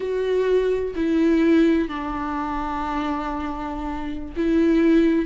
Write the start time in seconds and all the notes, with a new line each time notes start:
0.00 F#4
0.95 E4
1.88 D4
4.36 E4